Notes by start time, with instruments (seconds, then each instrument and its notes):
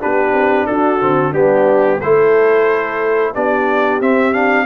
0.00 tuba B3, trombone D4, horn G4, trumpet B4
0.33 tuba C4
0.66 tuba D4, horn F#4, trumpet A4
1.00 tuba D3, trombone C4
1.32 tuba G3, trombone B3, horn D4, trumpet G4
2.00 tuba A3, trombone E4, horn A4, trumpet C5
3.33 tuba B3, trombone D4, horn G4, trumpet D5
4.01 tuba C4, trombone C4, trumpet E5
4.33 trombone D4, trumpet F5